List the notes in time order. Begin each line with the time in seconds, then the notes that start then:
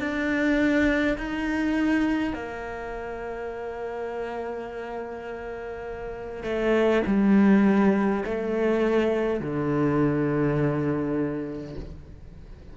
0.00 D4
1.18 D#4
2.34 A#3
6.44 A3
7.07 G3
8.25 A3
9.41 D3